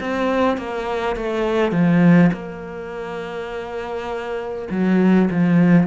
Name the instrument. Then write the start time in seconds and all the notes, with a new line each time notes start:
cello
0.00 C4
0.57 A#3
1.16 A3
1.72 F3
2.33 A#3
4.70 F#3
5.31 F3